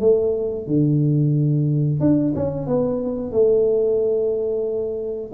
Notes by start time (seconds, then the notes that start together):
0.00 A3
0.67 D3
2.00 D4
2.35 C#4
2.67 B3
3.32 A3